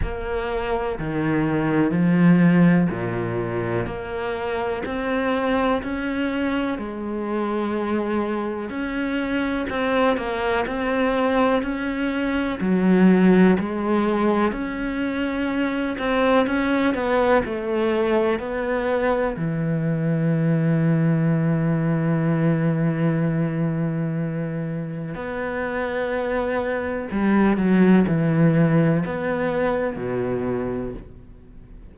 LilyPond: \new Staff \with { instrumentName = "cello" } { \time 4/4 \tempo 4 = 62 ais4 dis4 f4 ais,4 | ais4 c'4 cis'4 gis4~ | gis4 cis'4 c'8 ais8 c'4 | cis'4 fis4 gis4 cis'4~ |
cis'8 c'8 cis'8 b8 a4 b4 | e1~ | e2 b2 | g8 fis8 e4 b4 b,4 | }